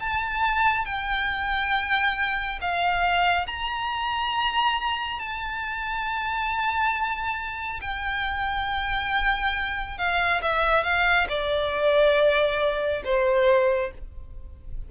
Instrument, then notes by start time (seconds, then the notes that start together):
violin
0.00 A5
0.85 G5
2.61 F5
3.47 A#5
5.19 A5
7.81 G5
9.98 F5
10.42 E5
10.84 F5
11.29 D5
13.04 C5